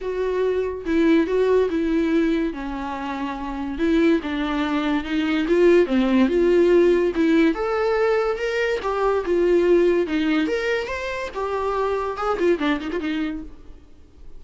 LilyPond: \new Staff \with { instrumentName = "viola" } { \time 4/4 \tempo 4 = 143 fis'2 e'4 fis'4 | e'2 cis'2~ | cis'4 e'4 d'2 | dis'4 f'4 c'4 f'4~ |
f'4 e'4 a'2 | ais'4 g'4 f'2 | dis'4 ais'4 c''4 g'4~ | g'4 gis'8 f'8 d'8 dis'16 f'16 dis'4 | }